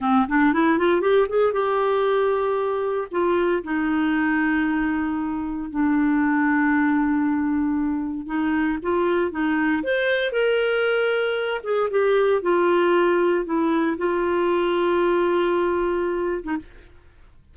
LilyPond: \new Staff \with { instrumentName = "clarinet" } { \time 4/4 \tempo 4 = 116 c'8 d'8 e'8 f'8 g'8 gis'8 g'4~ | g'2 f'4 dis'4~ | dis'2. d'4~ | d'1 |
dis'4 f'4 dis'4 c''4 | ais'2~ ais'8 gis'8 g'4 | f'2 e'4 f'4~ | f'2.~ f'8. dis'16 | }